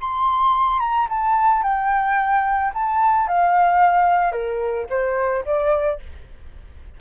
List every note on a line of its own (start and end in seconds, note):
0.00 0.79 C6
0.79 1.07 A#5
1.09 1.62 A5
1.62 2.71 G5
2.74 3.27 A5
3.27 4.32 F5
4.32 4.86 A#4
4.89 5.44 C5
5.45 5.99 D5